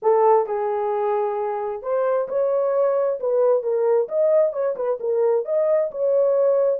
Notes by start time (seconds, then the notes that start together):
0.02 A4
0.46 G#4
1.82 C5
2.28 C#5
3.19 B4
3.62 A#4
4.08 D#5
4.52 C#5
4.76 B4
5.00 A#4
5.45 D#5
5.91 C#5